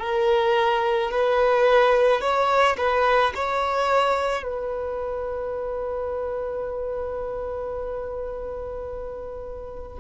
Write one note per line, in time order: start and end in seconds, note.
0.00 1.11 A#4
1.11 2.21 B4
2.21 2.77 C#5
2.78 3.33 B4
3.35 4.43 C#5
4.43 9.98 B4